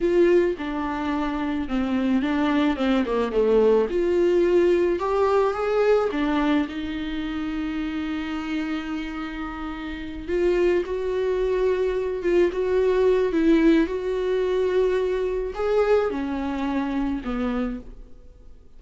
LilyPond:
\new Staff \with { instrumentName = "viola" } { \time 4/4 \tempo 4 = 108 f'4 d'2 c'4 | d'4 c'8 ais8 a4 f'4~ | f'4 g'4 gis'4 d'4 | dis'1~ |
dis'2~ dis'8 f'4 fis'8~ | fis'2 f'8 fis'4. | e'4 fis'2. | gis'4 cis'2 b4 | }